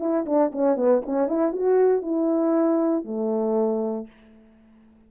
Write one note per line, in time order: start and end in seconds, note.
0.00 0.26 E4
0.26 0.52 D4
0.52 0.77 C#4
0.77 1.03 B3
1.06 1.28 C#4
1.28 1.53 E4
1.53 2.02 F#4
2.02 3.05 E4
3.05 4.07 A3